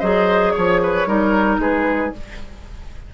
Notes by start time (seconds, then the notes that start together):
0.00 F#3 G#4 C5 D#5
0.52 F3 C#5
0.83 B4
1.07 G3 D#4 A#4
1.59 G#3 G#4 B4